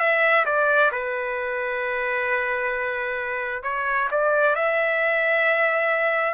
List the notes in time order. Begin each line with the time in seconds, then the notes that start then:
0.00 E5
0.46 D5
0.93 B4
3.64 C#5
4.12 D5
4.56 E5